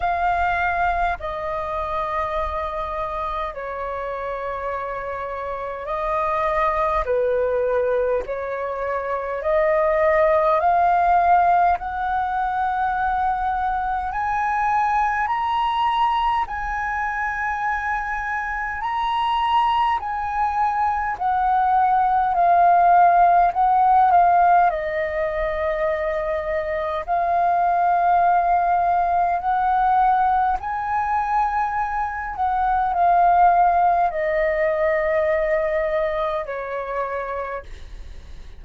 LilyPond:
\new Staff \with { instrumentName = "flute" } { \time 4/4 \tempo 4 = 51 f''4 dis''2 cis''4~ | cis''4 dis''4 b'4 cis''4 | dis''4 f''4 fis''2 | gis''4 ais''4 gis''2 |
ais''4 gis''4 fis''4 f''4 | fis''8 f''8 dis''2 f''4~ | f''4 fis''4 gis''4. fis''8 | f''4 dis''2 cis''4 | }